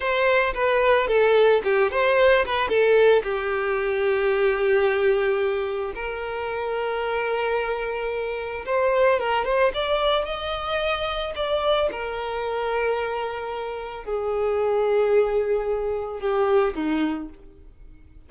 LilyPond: \new Staff \with { instrumentName = "violin" } { \time 4/4 \tempo 4 = 111 c''4 b'4 a'4 g'8 c''8~ | c''8 b'8 a'4 g'2~ | g'2. ais'4~ | ais'1 |
c''4 ais'8 c''8 d''4 dis''4~ | dis''4 d''4 ais'2~ | ais'2 gis'2~ | gis'2 g'4 dis'4 | }